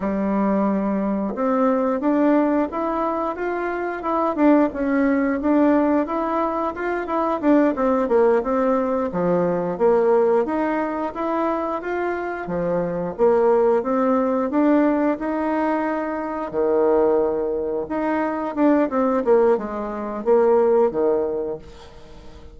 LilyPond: \new Staff \with { instrumentName = "bassoon" } { \time 4/4 \tempo 4 = 89 g2 c'4 d'4 | e'4 f'4 e'8 d'8 cis'4 | d'4 e'4 f'8 e'8 d'8 c'8 | ais8 c'4 f4 ais4 dis'8~ |
dis'8 e'4 f'4 f4 ais8~ | ais8 c'4 d'4 dis'4.~ | dis'8 dis2 dis'4 d'8 | c'8 ais8 gis4 ais4 dis4 | }